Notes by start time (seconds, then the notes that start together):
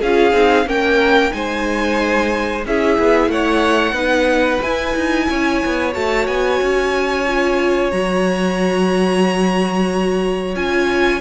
0.00 C#4 F4 G#4 F5
0.32 C4 D#4
0.65 A#3 C#4 A#4 G5
1.30 G#3 D#4 C5 G#5
2.65 C#4 E4 G#4 E5
2.98 B3
3.27 A3 C#5 F#5
3.92 B3 D#4 B4
4.62 E4 G#5
4.95 D#4
5.30 C#4 C#5
5.65 B3
5.93 A3 F#4 A5
6.27 B3 G#5
6.61 C#4
7.27 F4
7.91 F#3 F#4 A#5
10.55 C#4 F4 G#5